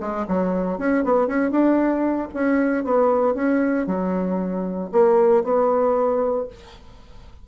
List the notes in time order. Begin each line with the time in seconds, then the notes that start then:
0.00 G#3
0.28 F#3
0.78 C#4
1.04 B3
1.27 C#4
1.51 D4
2.34 C#4
2.84 B3
3.35 C#4
3.87 F#3
4.92 A#3
5.44 B3